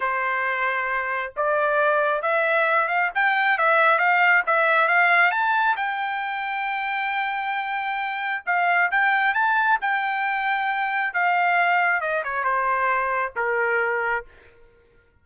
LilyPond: \new Staff \with { instrumentName = "trumpet" } { \time 4/4 \tempo 4 = 135 c''2. d''4~ | d''4 e''4. f''8 g''4 | e''4 f''4 e''4 f''4 | a''4 g''2.~ |
g''2. f''4 | g''4 a''4 g''2~ | g''4 f''2 dis''8 cis''8 | c''2 ais'2 | }